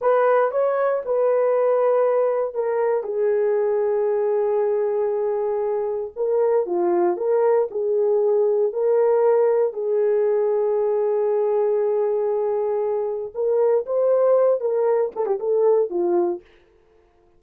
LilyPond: \new Staff \with { instrumentName = "horn" } { \time 4/4 \tempo 4 = 117 b'4 cis''4 b'2~ | b'4 ais'4 gis'2~ | gis'1 | ais'4 f'4 ais'4 gis'4~ |
gis'4 ais'2 gis'4~ | gis'1~ | gis'2 ais'4 c''4~ | c''8 ais'4 a'16 g'16 a'4 f'4 | }